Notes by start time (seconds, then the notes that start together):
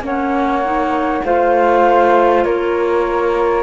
0.00 A#3 C#4 C#5 F#5
0.64 D#4
1.24 A3 F4 C5 F5
2.44 A#3 A#4 C#5